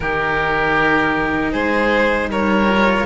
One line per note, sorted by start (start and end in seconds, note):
0.00 1.52 D#3
0.00 2.69 D#4
0.00 1.51 G4
0.00 1.52 A#4
1.51 2.27 G#3
1.51 2.28 G#4
1.51 2.29 C5
2.27 3.04 G3
2.27 3.06 A#4
2.27 3.06 C#5
2.69 3.06 F4